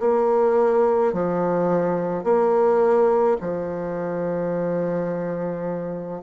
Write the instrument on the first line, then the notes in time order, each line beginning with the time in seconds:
bassoon
0.00 A#3
1.13 F3
2.24 A#3
3.41 F3